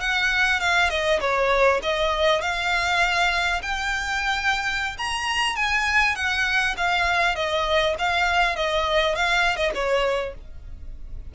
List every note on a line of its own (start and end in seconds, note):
0.00 0.60 F#5
0.60 0.89 F5
0.89 1.19 D#5
1.20 1.80 C#5
1.82 2.41 D#5
2.41 3.61 F5
3.62 4.97 G5
4.97 5.56 A#5
5.56 6.15 G#5
6.15 6.75 F#5
6.77 7.35 F5
7.35 7.95 D#5
7.98 8.55 F5
8.55 9.15 D#5
9.15 9.56 F5
9.56 9.71 D#5
9.74 10.34 C#5